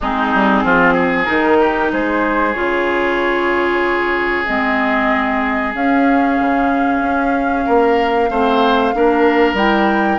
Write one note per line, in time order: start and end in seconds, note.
0.01 0.33 G#3
0.01 1.26 C4
0.01 0.64 D#4
0.01 1.25 G#4
0.34 0.63 G3
0.63 1.27 F3
0.63 0.93 F4
0.93 1.57 G#4
1.25 1.92 D#3
1.25 2.53 D#4
1.25 1.88 A#4
1.60 1.92 G4
1.92 2.55 G#3
1.92 7.65 G#4
1.92 2.53 C5
2.53 4.46 C#3
2.53 4.46 F4
2.53 4.44 C#5
4.46 5.74 G#3
4.46 5.74 C4
4.46 5.73 D#5
5.74 6.38 C#4
5.74 8.30 C#4
5.74 9.56 F5
6.39 7.00 C#3
7.00 7.64 C#4
7.65 8.30 A#3
7.65 8.29 A#4
8.30 8.93 A3
8.30 8.93 C4
8.30 8.94 C5
8.93 9.53 A#3
8.93 9.56 D4
8.93 10.18 A#4
9.53 10.17 G3
9.53 10.18 E4
9.53 10.18 G5